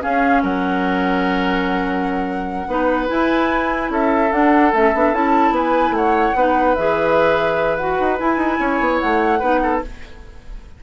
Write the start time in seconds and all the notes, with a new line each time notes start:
0.00 C#4 G#4 F5
0.42 F#3 A#4 F#5
2.67 B3 D#4 B4
3.07 E4 G#5
3.89 C#4 A4 E5
4.31 D4 F#5
4.73 A3 C#4 E5
4.94 B3 D4
5.12 C#4 E4 A5
5.50 B3 B4 G#5
5.90 A3 F#5
5.96 C#5
6.34 B3 D#4 B4
6.74 E3 G#4 E5
7.76 F#4 F#5
7.99 D#4
8.17 E4 G#5
8.36 D#4
8.59 C#4 C#5
8.80 B3
8.99 A3 F#5
9.39 B3 D#4 B4
9.63 A4